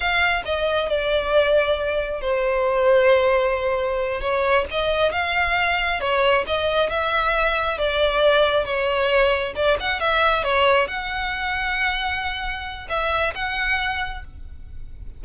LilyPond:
\new Staff \with { instrumentName = "violin" } { \time 4/4 \tempo 4 = 135 f''4 dis''4 d''2~ | d''4 c''2.~ | c''4. cis''4 dis''4 f''8~ | f''4. cis''4 dis''4 e''8~ |
e''4. d''2 cis''8~ | cis''4. d''8 fis''8 e''4 cis''8~ | cis''8 fis''2.~ fis''8~ | fis''4 e''4 fis''2 | }